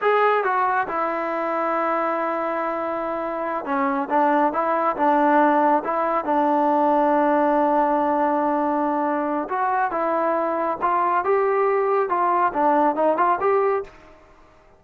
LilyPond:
\new Staff \with { instrumentName = "trombone" } { \time 4/4 \tempo 4 = 139 gis'4 fis'4 e'2~ | e'1~ | e'8 cis'4 d'4 e'4 d'8~ | d'4. e'4 d'4.~ |
d'1~ | d'2 fis'4 e'4~ | e'4 f'4 g'2 | f'4 d'4 dis'8 f'8 g'4 | }